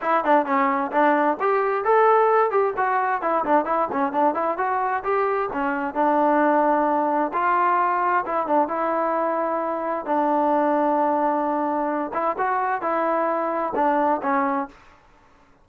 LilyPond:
\new Staff \with { instrumentName = "trombone" } { \time 4/4 \tempo 4 = 131 e'8 d'8 cis'4 d'4 g'4 | a'4. g'8 fis'4 e'8 d'8 | e'8 cis'8 d'8 e'8 fis'4 g'4 | cis'4 d'2. |
f'2 e'8 d'8 e'4~ | e'2 d'2~ | d'2~ d'8 e'8 fis'4 | e'2 d'4 cis'4 | }